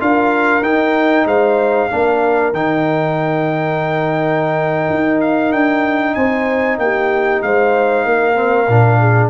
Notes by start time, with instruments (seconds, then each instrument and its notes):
0.00 tuba D4, trombone F4, horn A#4, trumpet F5
0.62 tuba D#4, trombone D#4, trumpet G5
1.26 tuba G#3, horn C5, trumpet F5
1.90 tuba A#3, trombone D4, horn A#4
2.53 tuba D#3, trombone D#4, trumpet G5
4.90 tuba D#4
5.21 trumpet F5
5.52 tuba D4, trumpet G5
6.15 tuba C4, horn C5, trumpet G#5
6.78 tuba A#3, horn G4, trumpet G5
7.42 tuba G#3, horn C5, trumpet F5
8.05 tuba A#3, horn A#4
8.35 trombone C4
8.68 tuba A#2, trombone D4
9.00 horn G#4